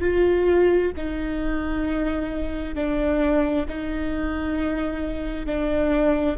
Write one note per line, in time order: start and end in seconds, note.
0.00 0.91 F4
0.97 2.75 D#4
2.75 3.66 D4
3.69 5.46 D#4
5.46 6.37 D4